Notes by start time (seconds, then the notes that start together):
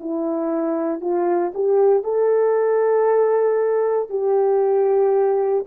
0.00 E4
1.01 F4
1.55 G4
2.04 A4
4.10 G4